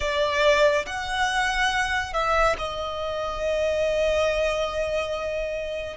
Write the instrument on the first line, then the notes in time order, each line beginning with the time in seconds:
violin
0.00 D5
0.86 F#5
2.13 E5
2.58 D#5